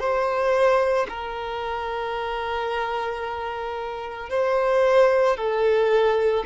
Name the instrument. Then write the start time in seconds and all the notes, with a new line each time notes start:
violin
0.00 C5
1.09 A#4
4.30 C5
5.37 A4